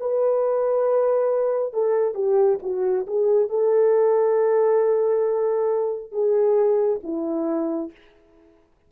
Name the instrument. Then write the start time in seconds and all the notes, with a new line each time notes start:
horn
0.00 B4
1.73 A4
2.14 G4
2.62 F#4
3.06 G#4
3.49 A4
6.11 G#4
7.03 E4